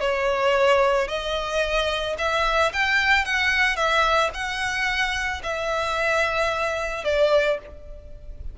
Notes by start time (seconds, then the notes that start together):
0.00 C#5
1.08 D#5
2.18 E5
2.72 G5
3.25 F#5
3.76 E5
4.33 F#5
5.43 E5
7.04 D5